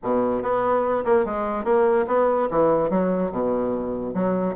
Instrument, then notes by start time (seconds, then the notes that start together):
bassoon
0.03 B2
0.42 B3
1.05 A#3
1.25 G#3
1.64 A#3
2.07 B3
2.50 E3
2.90 F#3
3.31 B2
4.14 F#3